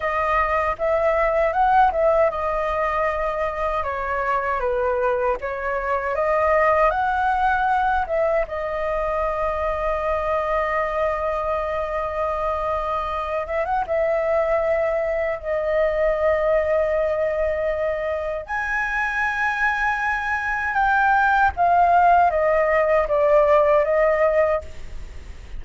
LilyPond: \new Staff \with { instrumentName = "flute" } { \time 4/4 \tempo 4 = 78 dis''4 e''4 fis''8 e''8 dis''4~ | dis''4 cis''4 b'4 cis''4 | dis''4 fis''4. e''8 dis''4~ | dis''1~ |
dis''4. e''16 fis''16 e''2 | dis''1 | gis''2. g''4 | f''4 dis''4 d''4 dis''4 | }